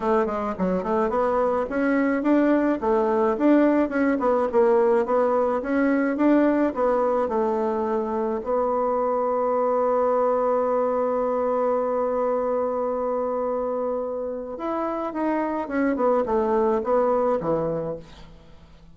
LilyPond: \new Staff \with { instrumentName = "bassoon" } { \time 4/4 \tempo 4 = 107 a8 gis8 fis8 a8 b4 cis'4 | d'4 a4 d'4 cis'8 b8 | ais4 b4 cis'4 d'4 | b4 a2 b4~ |
b1~ | b1~ | b2 e'4 dis'4 | cis'8 b8 a4 b4 e4 | }